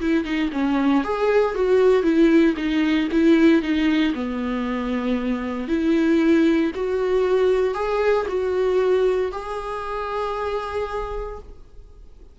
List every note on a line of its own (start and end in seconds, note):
0.00 0.24 E4
0.24 0.50 D#4
0.52 1.04 C#4
1.04 1.54 G#4
1.54 2.02 F#4
2.02 2.54 E4
2.57 3.08 D#4
3.11 3.62 E4
3.62 4.13 D#4
4.14 5.68 B3
5.68 6.71 E4
6.74 7.74 F#4
7.74 8.26 G#4
8.28 9.31 F#4
9.32 11.39 G#4